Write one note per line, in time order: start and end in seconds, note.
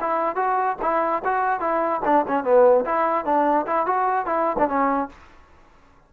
0.00 0.36 E4
0.36 0.76 F#4
0.81 1.22 E4
1.24 1.60 F#4
1.60 2.01 E4
2.04 2.25 D4
2.27 2.43 C#4
2.43 2.84 B3
2.85 3.25 E4
3.25 3.65 D4
3.66 3.86 E4
3.86 4.25 F#4
4.25 4.56 E4
4.58 4.68 D4
4.68 5.09 C#4